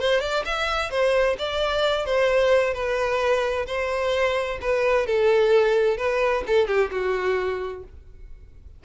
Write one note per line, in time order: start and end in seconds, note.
0.00 0.20 C5
0.20 0.43 D5
0.45 0.90 E5
0.90 1.36 C5
1.38 2.05 D5
2.05 2.74 C5
2.74 3.66 B4
3.66 4.59 C5
4.61 5.06 B4
5.06 5.97 A4
5.97 6.43 B4
6.47 6.67 A4
6.67 6.90 G4
6.91 7.83 F#4